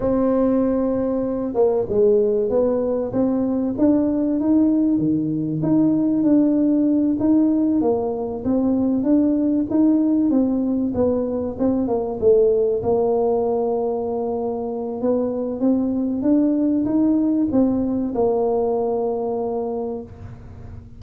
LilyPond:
\new Staff \with { instrumentName = "tuba" } { \time 4/4 \tempo 4 = 96 c'2~ c'8 ais8 gis4 | b4 c'4 d'4 dis'4 | dis4 dis'4 d'4. dis'8~ | dis'8 ais4 c'4 d'4 dis'8~ |
dis'8 c'4 b4 c'8 ais8 a8~ | a8 ais2.~ ais8 | b4 c'4 d'4 dis'4 | c'4 ais2. | }